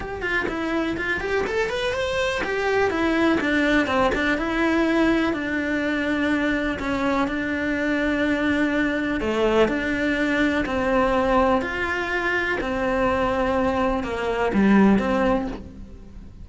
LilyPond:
\new Staff \with { instrumentName = "cello" } { \time 4/4 \tempo 4 = 124 g'8 f'8 e'4 f'8 g'8 a'8 b'8 | c''4 g'4 e'4 d'4 | c'8 d'8 e'2 d'4~ | d'2 cis'4 d'4~ |
d'2. a4 | d'2 c'2 | f'2 c'2~ | c'4 ais4 g4 c'4 | }